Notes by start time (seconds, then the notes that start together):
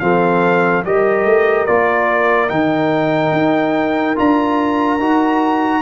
0.00 F3 C4 A4 F5
0.85 G3 G4 A#4 D#5
1.25 A3
1.66 A#3 F4 D5
2.49 D#3 D#4 G5
3.32 D#4
4.16 D4 F4 A#5
5.00 D#4 F#4